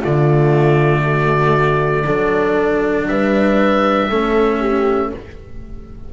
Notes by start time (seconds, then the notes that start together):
0.00 D3 A3 F4 D5
1.04 F#4
2.05 F#3 D4 A4
3.07 G3 B4 E5
4.10 A3 C#4 A4
4.60 G4